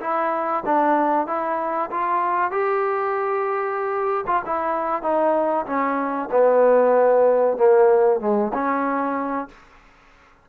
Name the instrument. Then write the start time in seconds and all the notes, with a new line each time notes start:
trombone
0.00 E4
0.65 D4
1.27 E4
1.91 F4
2.51 G4
4.26 F4
4.45 E4
5.02 D#4
5.66 C#4
6.31 B3
7.57 A#3
8.20 G#3
8.53 C#4